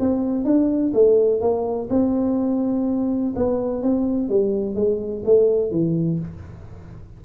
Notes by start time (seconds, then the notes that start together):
0.00 C4
0.45 D4
0.94 A3
1.41 A#3
1.90 C4
3.36 B3
3.83 C4
4.29 G3
4.75 G#3
5.25 A3
5.71 E3